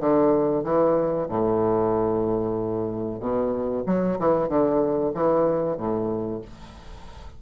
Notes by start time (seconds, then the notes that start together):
0.00 D3
0.64 E3
1.29 A2
3.20 B2
3.86 F#3
4.19 E3
4.49 D3
5.14 E3
5.78 A2